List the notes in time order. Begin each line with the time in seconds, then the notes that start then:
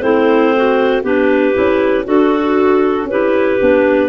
0.00 A3 C4 E4 C5
0.56 F#4
1.02 B3 D4 G4 B4
1.54 C#4 E4
2.04 D4 F#4 A4
3.04 C#4 G4 B4
3.11 E4
3.60 B3 D4